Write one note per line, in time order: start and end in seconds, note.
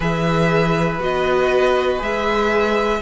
0.00 0.99 E3
0.00 0.99 G#4
0.00 2.98 B4
0.00 1.01 E5
0.99 1.99 B3
0.99 1.98 F#4
0.99 2.01 D#5
1.98 3.01 G#3
1.98 2.98 G#4
1.98 3.01 E5